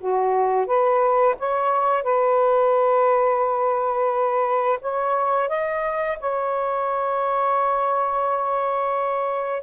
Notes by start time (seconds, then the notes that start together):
0.00 F#4
0.66 B4
1.39 C#5
2.03 B4
4.81 C#5
5.49 D#5
6.20 C#5